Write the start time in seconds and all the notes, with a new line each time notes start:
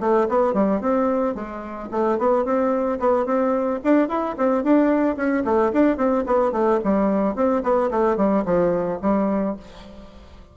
0.00 A3
0.29 B3
0.54 G3
0.81 C4
1.35 G#3
1.91 A3
2.18 B3
2.45 C4
3.00 B3
3.25 C4
3.84 D4
4.08 E4
4.37 C4
4.63 D4
5.16 C#4
5.45 A3
5.73 D4
5.97 C4
6.27 B3
6.52 A3
6.84 G3
7.36 C4
7.63 B3
7.91 A3
8.17 G3
8.45 F3
9.02 G3